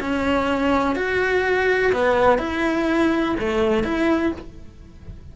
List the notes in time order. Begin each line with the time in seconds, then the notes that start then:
0.00 C#4
0.96 F#4
1.93 B3
2.38 E4
3.40 A3
3.84 E4